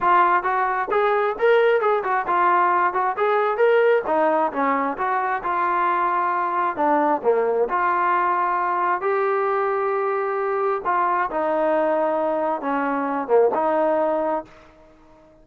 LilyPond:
\new Staff \with { instrumentName = "trombone" } { \time 4/4 \tempo 4 = 133 f'4 fis'4 gis'4 ais'4 | gis'8 fis'8 f'4. fis'8 gis'4 | ais'4 dis'4 cis'4 fis'4 | f'2. d'4 |
ais4 f'2. | g'1 | f'4 dis'2. | cis'4. ais8 dis'2 | }